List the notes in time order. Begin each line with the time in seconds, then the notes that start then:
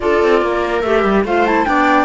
0.00 D4 F4 A4 D5
0.23 C4
0.42 A#3 A#4
0.81 A3 G4 E5
1.03 G3
1.24 A3 F4 C5 F5
1.46 E4 A5
1.65 B3 D4 D5 G5